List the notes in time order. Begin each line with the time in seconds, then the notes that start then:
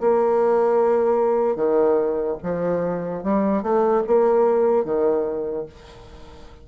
0.00 A#3
1.56 D#3
2.43 F3
3.23 G3
3.62 A3
4.07 A#3
4.84 D#3